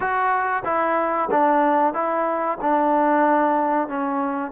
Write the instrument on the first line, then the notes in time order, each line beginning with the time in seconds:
trombone
0.00 F#4
0.65 E4
1.30 D4
1.93 E4
2.61 D4
3.88 C#4